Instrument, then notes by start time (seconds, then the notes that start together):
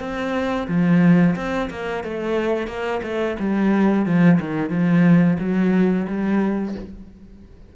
cello
0.00 C4
0.68 F3
1.36 C4
1.70 A#3
2.04 A3
2.68 A#3
3.03 A3
3.40 G3
4.06 F3
4.40 D#3
4.70 F3
5.39 F#3
6.08 G3